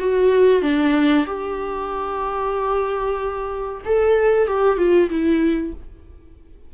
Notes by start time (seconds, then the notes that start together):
0.00 F#4
0.62 D4
1.26 G4
3.85 A4
4.47 G4
4.78 F4
5.10 E4